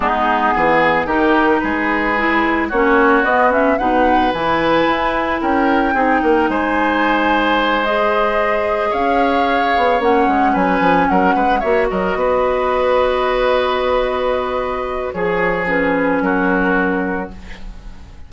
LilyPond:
<<
  \new Staff \with { instrumentName = "flute" } { \time 4/4 \tempo 4 = 111 gis'2 ais'4 b'4~ | b'4 cis''4 dis''8 e''8 fis''4 | gis''2 g''2 | gis''2~ gis''8 dis''4.~ |
dis''8 f''2 fis''4 gis''8~ | gis''8 fis''4 e''8 dis''2~ | dis''1 | cis''4 b'4 ais'2 | }
  \new Staff \with { instrumentName = "oboe" } { \time 4/4 dis'4 gis'4 g'4 gis'4~ | gis'4 fis'2 b'4~ | b'2 ais'4 gis'8 ais'8 | c''1~ |
c''8 cis''2. b'8~ | b'8 ais'8 b'8 cis''8 ais'8 b'4.~ | b'1 | gis'2 fis'2 | }
  \new Staff \with { instrumentName = "clarinet" } { \time 4/4 b2 dis'2 | e'4 cis'4 b8 cis'8 dis'4 | e'2. dis'4~ | dis'2~ dis'8 gis'4.~ |
gis'2~ gis'8 cis'4.~ | cis'4. fis'2~ fis'8~ | fis'1 | gis'4 cis'2. | }
  \new Staff \with { instrumentName = "bassoon" } { \time 4/4 gis4 e4 dis4 gis4~ | gis4 ais4 b4 b,4 | e4 e'4 cis'4 c'8 ais8 | gis1~ |
gis8 cis'4. b8 ais8 gis8 fis8 | f8 fis8 gis8 ais8 fis8 b4.~ | b1 | f2 fis2 | }
>>